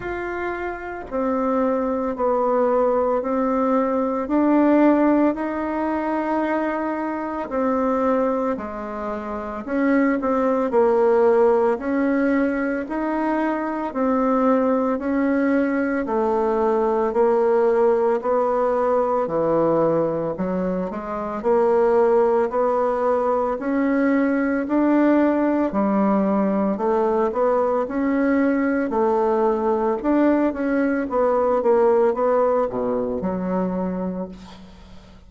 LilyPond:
\new Staff \with { instrumentName = "bassoon" } { \time 4/4 \tempo 4 = 56 f'4 c'4 b4 c'4 | d'4 dis'2 c'4 | gis4 cis'8 c'8 ais4 cis'4 | dis'4 c'4 cis'4 a4 |
ais4 b4 e4 fis8 gis8 | ais4 b4 cis'4 d'4 | g4 a8 b8 cis'4 a4 | d'8 cis'8 b8 ais8 b8 b,8 fis4 | }